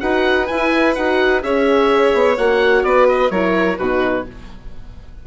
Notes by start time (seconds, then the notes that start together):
0.00 D#4 F#4 B4 F#5
0.47 E4 G#5
0.95 D#4 F#4 F#5
1.42 C#4 G#4 C#5 E5
2.13 B3
2.37 A#3 F#4 F#5
2.83 B3 B4 D5
3.08 D#5
3.30 F#3 E4 A#4 C#5
3.78 B2 D#4 F#4 B4